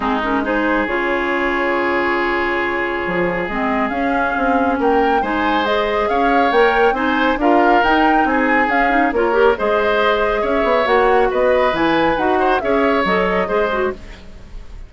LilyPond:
<<
  \new Staff \with { instrumentName = "flute" } { \time 4/4 \tempo 4 = 138 gis'8 ais'8 c''4 cis''2~ | cis''1 | dis''4 f''2 g''4 | gis''4 dis''4 f''4 g''4 |
gis''4 f''4 g''4 gis''4 | f''4 cis''4 dis''2 | e''4 fis''4 dis''4 gis''4 | fis''4 e''4 dis''2 | }
  \new Staff \with { instrumentName = "oboe" } { \time 4/4 dis'4 gis'2.~ | gis'1~ | gis'2. ais'4 | c''2 cis''2 |
c''4 ais'2 gis'4~ | gis'4 ais'4 c''2 | cis''2 b'2~ | b'8 c''8 cis''2 c''4 | }
  \new Staff \with { instrumentName = "clarinet" } { \time 4/4 c'8 cis'8 dis'4 f'2~ | f'1 | c'4 cis'2. | dis'4 gis'2 ais'4 |
dis'4 f'4 dis'2 | cis'8 dis'8 f'8 g'8 gis'2~ | gis'4 fis'2 e'4 | fis'4 gis'4 a'4 gis'8 fis'8 | }
  \new Staff \with { instrumentName = "bassoon" } { \time 4/4 gis2 cis2~ | cis2. f4 | gis4 cis'4 c'4 ais4 | gis2 cis'4 ais4 |
c'4 d'4 dis'4 c'4 | cis'4 ais4 gis2 | cis'8 b8 ais4 b4 e4 | dis'4 cis'4 fis4 gis4 | }
>>